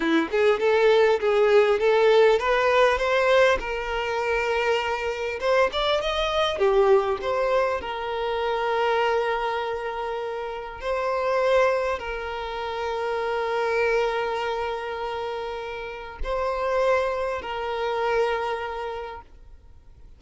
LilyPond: \new Staff \with { instrumentName = "violin" } { \time 4/4 \tempo 4 = 100 e'8 gis'8 a'4 gis'4 a'4 | b'4 c''4 ais'2~ | ais'4 c''8 d''8 dis''4 g'4 | c''4 ais'2.~ |
ais'2 c''2 | ais'1~ | ais'2. c''4~ | c''4 ais'2. | }